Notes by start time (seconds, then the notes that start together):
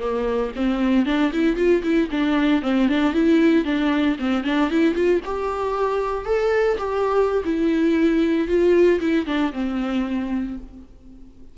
0.00 A#3
0.56 C4
1.06 D4
1.33 E4
1.56 F4
1.83 E4
2.11 D4
2.63 C4
2.89 D4
3.14 E4
3.65 D4
4.19 C4
4.44 D4
4.70 E4
4.95 F4
5.25 G4
6.25 A4
6.78 G4
7.44 E4
8.48 F4
9.00 E4
9.26 D4
9.53 C4